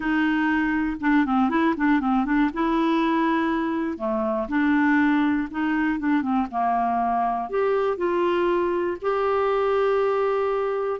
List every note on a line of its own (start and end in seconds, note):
0.00 0.97 D#4
1.00 1.25 D4
1.25 1.49 C4
1.49 1.74 E4
1.76 2.00 D4
2.00 2.25 C4
2.25 2.50 D4
2.53 3.97 E4
3.97 4.47 A3
4.48 5.48 D4
5.50 5.99 D#4
5.99 6.22 D4
6.22 6.47 C4
6.50 7.49 A#3
7.49 7.97 G4
7.97 8.97 F4
9.01 11.00 G4